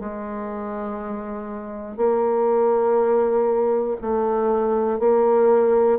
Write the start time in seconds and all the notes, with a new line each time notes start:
0.00 G#3
1.97 A#3
4.01 A3
5.00 A#3